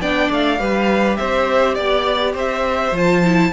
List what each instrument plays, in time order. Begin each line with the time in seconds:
0.00 cello B3, viola D4, violin D5 G5
0.31 cello A3, violin F5
0.59 cello G3, viola G4, violin B4
1.17 cello C4, violin C5 E5
1.75 cello B3, violin D5
2.34 cello C4, violin C5 E5
2.92 cello F3, viola F4, violin A5
3.25 viola E4